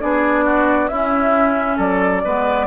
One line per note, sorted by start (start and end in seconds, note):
0.00 0.89 B3
0.00 0.90 D4
0.00 0.45 G#4
0.00 0.88 D5
0.45 0.90 F#4
0.88 1.78 C#4
0.88 2.25 C#4
0.88 1.77 E4
0.88 1.77 E5
1.77 2.23 F#3
1.77 2.22 A4
1.77 2.67 D5
2.24 2.67 G#3
2.24 2.67 B3
2.24 2.67 B4